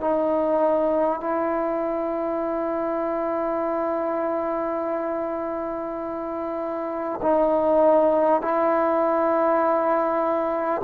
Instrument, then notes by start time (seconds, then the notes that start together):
trombone
0.00 D#4
1.20 E4
7.22 D#4
8.42 E4